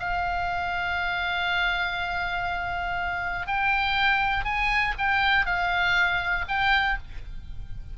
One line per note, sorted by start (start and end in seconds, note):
0.00 3.47 F5
3.47 4.44 G5
4.44 4.94 G#5
4.98 5.46 G5
5.46 6.45 F5
6.48 6.98 G5